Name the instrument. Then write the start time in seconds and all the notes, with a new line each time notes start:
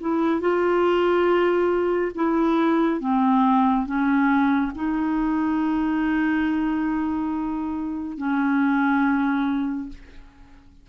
clarinet
0.00 E4
0.41 F4
2.15 E4
3.00 C4
3.86 C#4
4.75 D#4
8.17 C#4